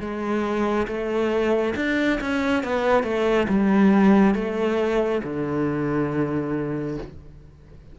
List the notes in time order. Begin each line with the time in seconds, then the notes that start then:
0.00 G#3
0.87 A3
1.75 D4
2.20 C#4
2.63 B3
3.03 A3
3.48 G3
4.34 A3
5.23 D3